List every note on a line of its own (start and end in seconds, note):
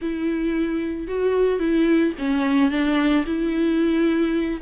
0.01 1.07 E4
1.07 1.59 F#4
1.59 2.13 E4
2.18 2.70 C#4
2.70 3.24 D4
3.26 4.61 E4